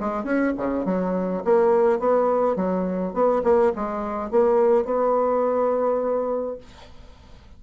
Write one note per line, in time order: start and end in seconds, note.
0.00 0.24 G#3
0.24 0.53 C#4
0.57 0.85 C#3
0.85 1.43 F#3
1.44 1.99 A#3
1.99 2.56 B3
2.56 3.14 F#3
3.14 3.42 B3
3.44 3.72 A#3
3.76 4.31 G#3
4.31 4.85 A#3
4.85 6.58 B3